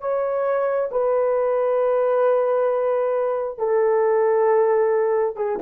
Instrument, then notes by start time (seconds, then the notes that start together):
horn
0.00 C#5
0.91 B4
3.58 A4
5.36 G#4